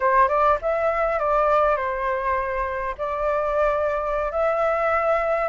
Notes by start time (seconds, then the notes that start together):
0.00 C5
0.28 D5
0.61 E5
1.19 D5
1.76 C5
2.98 D5
4.31 E5